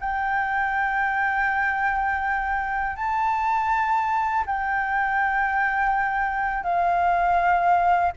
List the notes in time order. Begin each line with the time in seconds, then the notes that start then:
0.00 G5
2.96 A5
4.46 G5
6.63 F5